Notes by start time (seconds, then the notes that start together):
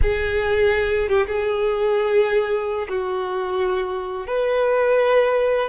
0.02 G#4
1.08 G4
1.26 G#4
2.88 F#4
4.27 B4